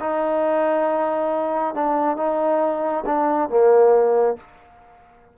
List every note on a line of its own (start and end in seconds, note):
0.00 1.74 D#4
1.74 2.17 D4
2.17 3.04 D#4
3.06 3.49 D4
3.49 4.37 A#3